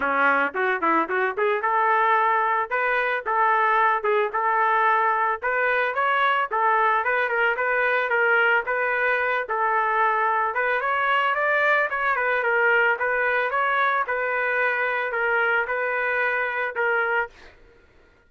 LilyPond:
\new Staff \with { instrumentName = "trumpet" } { \time 4/4 \tempo 4 = 111 cis'4 fis'8 e'8 fis'8 gis'8 a'4~ | a'4 b'4 a'4. gis'8 | a'2 b'4 cis''4 | a'4 b'8 ais'8 b'4 ais'4 |
b'4. a'2 b'8 | cis''4 d''4 cis''8 b'8 ais'4 | b'4 cis''4 b'2 | ais'4 b'2 ais'4 | }